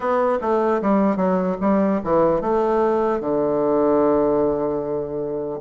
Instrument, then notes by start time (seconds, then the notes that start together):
bassoon
0.00 B3
0.41 A3
0.81 G3
1.16 F#3
1.60 G3
2.04 E3
2.41 A3
3.20 D3